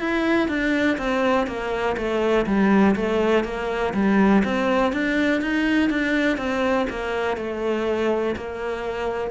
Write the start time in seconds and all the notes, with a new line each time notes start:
0.00 E4
0.48 D4
0.98 C4
1.47 A#3
1.97 A3
2.46 G3
2.96 A3
3.44 A#3
3.94 G3
4.45 C4
4.93 D4
5.42 D#4
5.90 D4
6.38 C4
6.90 A#3
7.37 A3
8.37 A#3